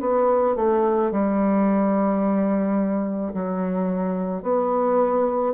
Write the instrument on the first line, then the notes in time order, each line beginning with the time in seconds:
bassoon
0.00 B3
0.56 A3
1.11 G3
3.33 F#3
4.42 B3